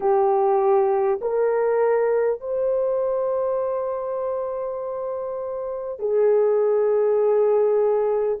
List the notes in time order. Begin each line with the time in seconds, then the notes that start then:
0.00 G4
1.21 A#4
2.40 C5
5.99 G#4